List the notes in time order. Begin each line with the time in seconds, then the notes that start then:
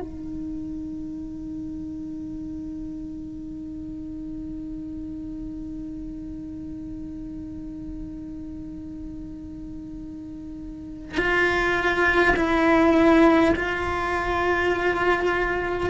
0.00 D#4
11.17 F4
12.36 E4
13.55 F4